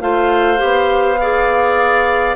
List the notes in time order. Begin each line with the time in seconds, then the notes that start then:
0.00 A3 F4 C5 F5
0.57 B3 G4
1.20 G#4 D5